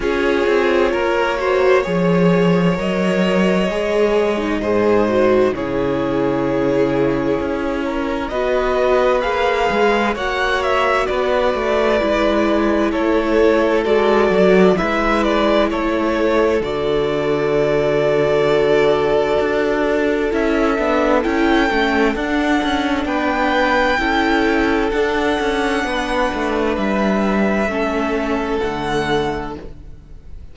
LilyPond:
<<
  \new Staff \with { instrumentName = "violin" } { \time 4/4 \tempo 4 = 65 cis''2. dis''4~ | dis''2 cis''2~ | cis''4 dis''4 f''4 fis''8 e''8 | d''2 cis''4 d''4 |
e''8 d''8 cis''4 d''2~ | d''2 e''4 g''4 | fis''4 g''2 fis''4~ | fis''4 e''2 fis''4 | }
  \new Staff \with { instrumentName = "violin" } { \time 4/4 gis'4 ais'8 c''8 cis''2~ | cis''4 c''4 gis'2~ | gis'8 ais'8 b'2 cis''4 | b'2 a'2 |
b'4 a'2.~ | a'1~ | a'4 b'4 a'2 | b'2 a'2 | }
  \new Staff \with { instrumentName = "viola" } { \time 4/4 f'4. fis'8 gis'4 ais'4 | gis'8. dis'16 gis'8 fis'8 e'2~ | e'4 fis'4 gis'4 fis'4~ | fis'4 e'2 fis'4 |
e'2 fis'2~ | fis'2 e'8 d'8 e'8 cis'8 | d'2 e'4 d'4~ | d'2 cis'4 a4 | }
  \new Staff \with { instrumentName = "cello" } { \time 4/4 cis'8 c'8 ais4 f4 fis4 | gis4 gis,4 cis2 | cis'4 b4 ais8 gis8 ais4 | b8 a8 gis4 a4 gis8 fis8 |
gis4 a4 d2~ | d4 d'4 cis'8 b8 cis'8 a8 | d'8 cis'8 b4 cis'4 d'8 cis'8 | b8 a8 g4 a4 d4 | }
>>